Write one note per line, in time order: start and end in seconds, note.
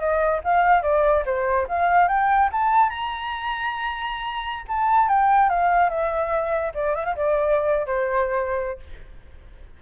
0.00 0.41 D#5
0.45 0.83 F5
0.83 1.24 D5
1.26 1.68 C5
1.68 2.09 F5
2.09 2.50 G5
2.52 2.90 A5
2.90 4.66 A#5
4.68 5.09 A5
5.09 5.50 G5
5.50 5.90 F5
5.90 6.73 E5
6.75 6.96 D5
6.96 7.05 E5
7.05 7.16 F5
7.16 7.87 D5
7.87 8.80 C5